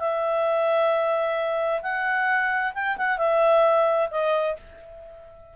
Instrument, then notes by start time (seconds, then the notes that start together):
clarinet
0.00 E5
1.83 F#5
2.75 G5
2.98 F#5
3.18 E5
4.11 D#5